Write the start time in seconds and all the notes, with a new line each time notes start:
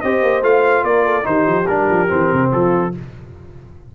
0.00 C4 G4 C5 D#5
0.22 A#3
0.42 A3 F4 F5
0.83 A#3 A#4 D5
1.05 A4
1.23 D#3 D#4 G4 C5
1.46 F3
1.67 G3 D4 A#4
1.90 F3
2.08 E3 C4
2.33 C3
2.51 F3 F4 A4